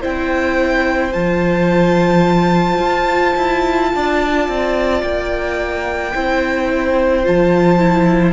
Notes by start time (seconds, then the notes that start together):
0.00 C4 E4 C5 G5
1.12 F3 F4 A5
2.78 F4
3.36 E4
3.95 D4 D5
4.48 C4
5.02 A#3 G5
6.13 C4 E4 C5
7.24 F3 F4 A5
7.78 E4